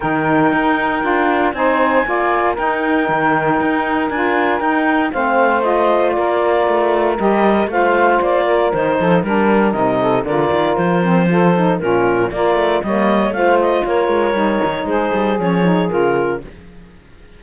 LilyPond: <<
  \new Staff \with { instrumentName = "clarinet" } { \time 4/4 \tempo 4 = 117 g''2. gis''4~ | gis''4 g''2. | gis''4 g''4 f''4 dis''4 | d''2 dis''4 f''4 |
d''4 c''4 ais'4 dis''4 | d''4 c''2 ais'4 | d''4 dis''4 f''8 dis''8 cis''4~ | cis''4 c''4 cis''4 ais'4 | }
  \new Staff \with { instrumentName = "saxophone" } { \time 4/4 ais'2. c''4 | d''4 ais'2.~ | ais'2 c''2 | ais'2. c''4~ |
c''8 ais'4 a'8 ais'4. a'8 | ais'2 a'4 f'4 | ais'4 cis''4 c''4 ais'4~ | ais'4 gis'2. | }
  \new Staff \with { instrumentName = "saxophone" } { \time 4/4 dis'2 f'4 dis'4 | f'4 dis'2. | f'4 dis'4 c'4 f'4~ | f'2 g'4 f'4~ |
f'4 dis'4 d'4 dis'4 | f'4. c'8 f'8 dis'8 cis'4 | f'4 ais4 f'2 | dis'2 cis'8 dis'8 f'4 | }
  \new Staff \with { instrumentName = "cello" } { \time 4/4 dis4 dis'4 d'4 c'4 | ais4 dis'4 dis4 dis'4 | d'4 dis'4 a2 | ais4 a4 g4 a4 |
ais4 dis8 f8 g4 c4 | d8 dis8 f2 ais,4 | ais8 a8 g4 a4 ais8 gis8 | g8 dis8 gis8 g8 f4 cis4 | }
>>